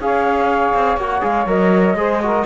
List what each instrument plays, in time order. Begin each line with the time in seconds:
0.00 cello C#4, trombone G#4, saxophone C#5, flute F5
0.74 cello C4
0.97 cello A#3, trombone F#4, flute F#5
1.21 cello G#3, trombone G#4, flute F5
1.47 cello F#3, trombone A#4, flute D#5
1.95 cello G#3, trombone G#4, saxophone C5
2.23 trombone F#4, saxophone A#4